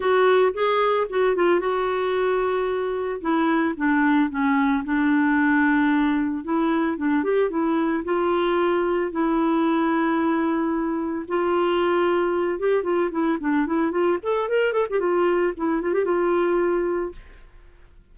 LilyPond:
\new Staff \with { instrumentName = "clarinet" } { \time 4/4 \tempo 4 = 112 fis'4 gis'4 fis'8 f'8 fis'4~ | fis'2 e'4 d'4 | cis'4 d'2. | e'4 d'8 g'8 e'4 f'4~ |
f'4 e'2.~ | e'4 f'2~ f'8 g'8 | f'8 e'8 d'8 e'8 f'8 a'8 ais'8 a'16 g'16 | f'4 e'8 f'16 g'16 f'2 | }